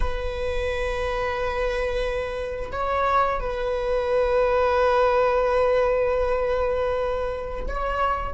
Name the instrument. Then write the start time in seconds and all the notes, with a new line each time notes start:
viola
0.00 B4
2.72 C#5
3.40 B4
7.67 C#5